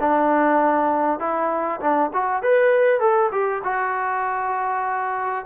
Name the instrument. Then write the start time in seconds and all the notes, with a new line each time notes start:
trombone
0.00 D4
1.19 E4
1.80 D4
2.13 F#4
2.43 B4
3.00 A4
3.32 G4
3.64 F#4